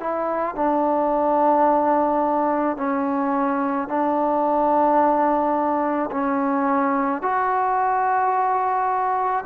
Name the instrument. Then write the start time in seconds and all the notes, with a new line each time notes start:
trombone
0.00 E4
0.55 D4
2.77 C#4
3.88 D4
6.11 C#4
7.22 F#4